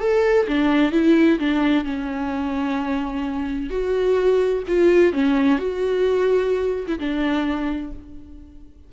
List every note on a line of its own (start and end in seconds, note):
0.00 0.47 A4
0.48 0.92 D4
0.92 1.38 E4
1.39 1.84 D4
1.84 3.70 C#4
3.70 4.63 F#4
4.67 5.13 F4
5.13 5.58 C#4
5.58 6.86 F#4
6.87 6.99 E4
6.99 7.92 D4